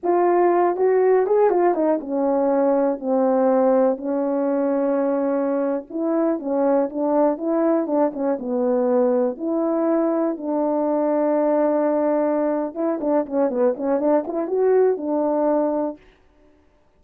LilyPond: \new Staff \with { instrumentName = "horn" } { \time 4/4 \tempo 4 = 120 f'4. fis'4 gis'8 f'8 dis'8 | cis'2 c'2 | cis'2.~ cis'8. e'16~ | e'8. cis'4 d'4 e'4 d'16~ |
d'16 cis'8 b2 e'4~ e'16~ | e'8. d'2.~ d'16~ | d'4. e'8 d'8 cis'8 b8 cis'8 | d'8 e'8 fis'4 d'2 | }